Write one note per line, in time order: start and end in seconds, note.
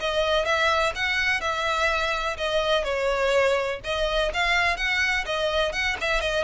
0.00 0.45 D#5
0.45 0.93 E5
0.95 1.41 F#5
1.41 2.37 E5
2.37 2.84 D#5
2.84 3.80 C#5
3.84 4.32 D#5
4.34 4.77 F5
4.77 5.25 F#5
5.26 5.73 D#5
5.73 5.97 F#5
6.01 6.21 E5
6.21 6.44 D#5